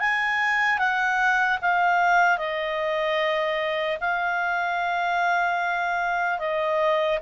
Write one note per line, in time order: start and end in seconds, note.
0.00 0.79 G#5
0.79 1.59 F#5
1.62 2.39 F5
2.39 3.99 D#5
4.01 6.39 F5
6.39 7.19 D#5